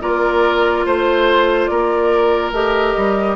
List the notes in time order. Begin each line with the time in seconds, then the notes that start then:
0.00 A#3 F4 A#4 D5
0.85 A3 C5
1.66 A#3 A#4 D5
2.52 A3 G4 D#5
2.96 G3